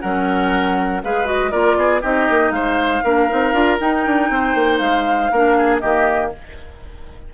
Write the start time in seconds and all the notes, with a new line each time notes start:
0.00 F#3 C#4 A#4 F#5
1.03 G#3 G#4 B4 F5
1.24 F#4 D#5
1.51 A#3 F4 A#4 D5
1.76 B3 G#4
2.01 C4 D#4 G4 D#5
2.29 A#3
2.50 G#3 C5 F5
3.03 A#3 D4 A#4
3.29 C4 D#4
3.52 D4 F4
3.79 D#4 G5
4.06 D4
4.29 C4 C5
4.55 A#3
4.77 G#3 F5
5.31 A#3 D4 A#4
5.57 G#4
5.79 D#3 A#3 G4 D#5